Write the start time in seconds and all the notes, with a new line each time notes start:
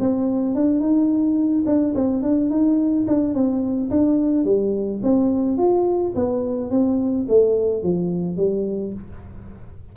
0.00 C4
0.55 D4
0.81 D#4
1.66 D4
1.95 C4
2.23 D4
2.50 D#4
3.08 D4
3.34 C4
3.91 D4
4.45 G3
5.03 C4
5.58 F4
6.16 B3
6.71 C4
7.29 A3
7.83 F3
8.37 G3